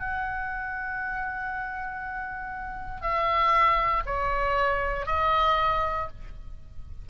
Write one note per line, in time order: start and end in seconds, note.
0.00 3.01 F#5
3.01 4.03 E5
4.06 5.06 C#5
5.06 6.08 D#5